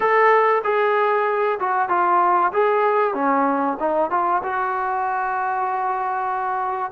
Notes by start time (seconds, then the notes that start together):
0.00 A4
0.63 G#4
1.59 F#4
1.88 F4
2.53 G#4
3.14 C#4
3.79 D#4
4.10 F4
4.43 F#4